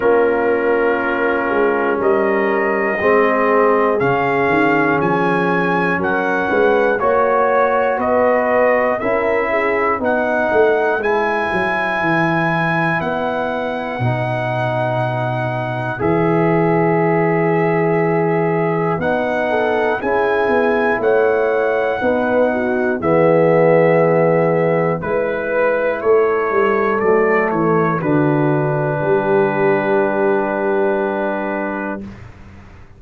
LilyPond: <<
  \new Staff \with { instrumentName = "trumpet" } { \time 4/4 \tempo 4 = 60 ais'2 dis''2 | f''4 gis''4 fis''4 cis''4 | dis''4 e''4 fis''4 gis''4~ | gis''4 fis''2. |
e''2. fis''4 | gis''4 fis''2 e''4~ | e''4 b'4 cis''4 d''8 cis''8 | b'1 | }
  \new Staff \with { instrumentName = "horn" } { \time 4/4 f'2 ais'4 gis'4~ | gis'2 ais'8 b'8 cis''4 | b'4 ais'8 gis'8 b'2~ | b'1~ |
b'2.~ b'8 a'8 | gis'4 cis''4 b'8 fis'8 gis'4~ | gis'4 b'4 a'2 | fis'4 g'2. | }
  \new Staff \with { instrumentName = "trombone" } { \time 4/4 cis'2. c'4 | cis'2. fis'4~ | fis'4 e'4 dis'4 e'4~ | e'2 dis'2 |
gis'2. dis'4 | e'2 dis'4 b4~ | b4 e'2 a4 | d'1 | }
  \new Staff \with { instrumentName = "tuba" } { \time 4/4 ais4. gis8 g4 gis4 | cis8 dis8 f4 fis8 gis8 ais4 | b4 cis'4 b8 a8 gis8 fis8 | e4 b4 b,2 |
e2. b4 | cis'8 b8 a4 b4 e4~ | e4 gis4 a8 g8 fis8 e8 | d4 g2. | }
>>